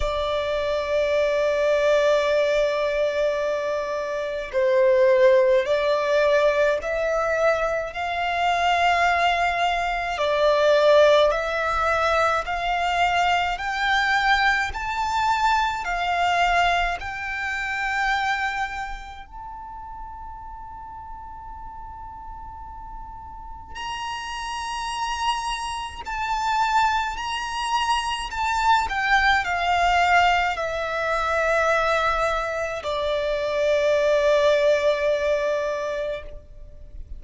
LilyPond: \new Staff \with { instrumentName = "violin" } { \time 4/4 \tempo 4 = 53 d''1 | c''4 d''4 e''4 f''4~ | f''4 d''4 e''4 f''4 | g''4 a''4 f''4 g''4~ |
g''4 a''2.~ | a''4 ais''2 a''4 | ais''4 a''8 g''8 f''4 e''4~ | e''4 d''2. | }